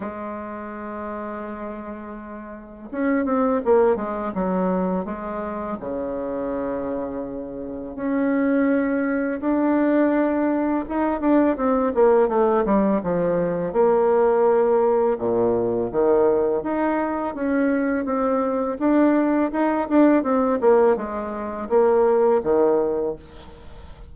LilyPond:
\new Staff \with { instrumentName = "bassoon" } { \time 4/4 \tempo 4 = 83 gis1 | cis'8 c'8 ais8 gis8 fis4 gis4 | cis2. cis'4~ | cis'4 d'2 dis'8 d'8 |
c'8 ais8 a8 g8 f4 ais4~ | ais4 ais,4 dis4 dis'4 | cis'4 c'4 d'4 dis'8 d'8 | c'8 ais8 gis4 ais4 dis4 | }